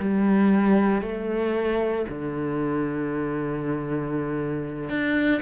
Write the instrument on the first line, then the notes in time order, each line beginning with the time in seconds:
cello
0.00 G3
1.03 A3
2.09 D3
4.90 D4